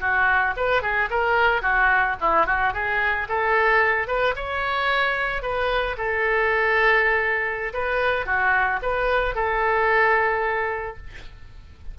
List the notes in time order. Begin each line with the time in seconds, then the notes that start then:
0.00 F#4
0.57 B4
0.82 G#4
1.10 A#4
1.62 F#4
2.21 E4
2.46 F#4
2.73 G#4
3.28 A4
4.07 B4
4.36 C#5
5.42 B4
5.97 A4
7.73 B4
8.26 F#4
8.82 B4
9.35 A4